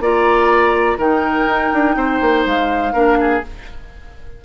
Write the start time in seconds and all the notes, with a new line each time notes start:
0.00 A#3 F4 D5 A#5
0.97 D#3 D#4 A#4 G5
1.46 D#4
1.73 D4
1.96 C4 C5
2.21 A#3
2.46 G#3 F5
2.93 A#3 D4 A#4
3.20 G#4